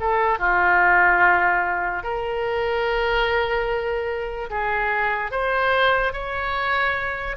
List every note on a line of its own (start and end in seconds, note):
0.00 0.38 A4
0.38 2.03 F4
2.03 4.49 A#4
4.50 5.31 G#4
5.31 6.13 C5
6.13 7.36 C#5